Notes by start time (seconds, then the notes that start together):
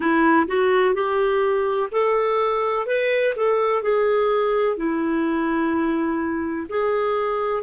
0.00 E4
0.47 F#4
0.94 G4
1.91 A4
2.86 B4
3.36 A4
3.82 G#4
4.76 E4
6.69 G#4